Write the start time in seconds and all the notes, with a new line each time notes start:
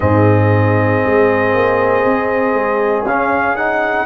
0.00 G#2 C4 G#4 D#5
1.05 G#3
1.54 A#3
2.04 C4
2.53 G#3
3.04 C#4 F5
3.56 D#4 F#5